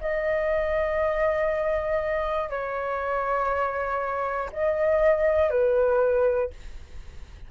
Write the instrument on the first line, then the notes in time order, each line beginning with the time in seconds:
flute
0.00 D#5
2.50 C#5
4.52 D#5
5.50 B4